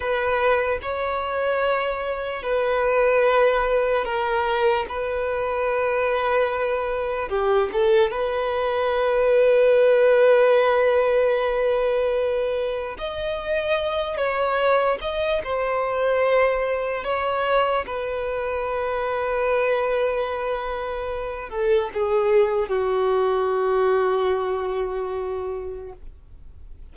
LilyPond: \new Staff \with { instrumentName = "violin" } { \time 4/4 \tempo 4 = 74 b'4 cis''2 b'4~ | b'4 ais'4 b'2~ | b'4 g'8 a'8 b'2~ | b'1 |
dis''4. cis''4 dis''8 c''4~ | c''4 cis''4 b'2~ | b'2~ b'8 a'8 gis'4 | fis'1 | }